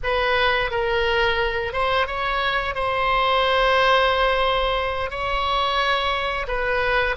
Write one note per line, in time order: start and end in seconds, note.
0.03 0.71 B4
0.71 1.72 A#4
1.72 2.06 C5
2.06 2.75 C#5
2.75 5.10 C5
5.10 6.46 C#5
6.47 7.15 B4